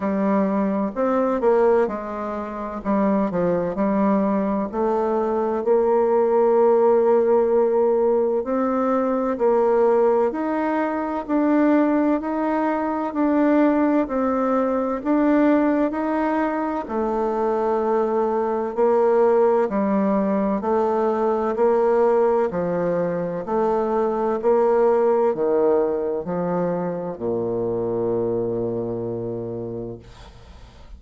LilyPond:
\new Staff \with { instrumentName = "bassoon" } { \time 4/4 \tempo 4 = 64 g4 c'8 ais8 gis4 g8 f8 | g4 a4 ais2~ | ais4 c'4 ais4 dis'4 | d'4 dis'4 d'4 c'4 |
d'4 dis'4 a2 | ais4 g4 a4 ais4 | f4 a4 ais4 dis4 | f4 ais,2. | }